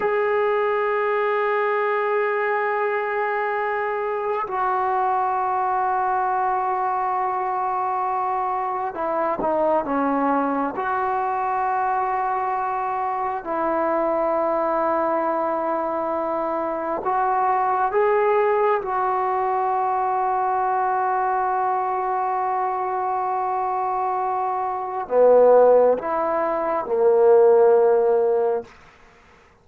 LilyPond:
\new Staff \with { instrumentName = "trombone" } { \time 4/4 \tempo 4 = 67 gis'1~ | gis'4 fis'2.~ | fis'2 e'8 dis'8 cis'4 | fis'2. e'4~ |
e'2. fis'4 | gis'4 fis'2.~ | fis'1 | b4 e'4 ais2 | }